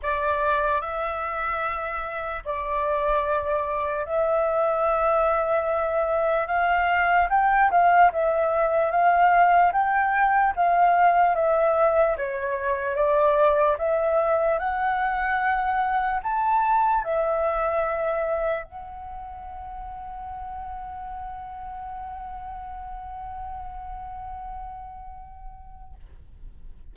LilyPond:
\new Staff \with { instrumentName = "flute" } { \time 4/4 \tempo 4 = 74 d''4 e''2 d''4~ | d''4 e''2. | f''4 g''8 f''8 e''4 f''4 | g''4 f''4 e''4 cis''4 |
d''4 e''4 fis''2 | a''4 e''2 fis''4~ | fis''1~ | fis''1 | }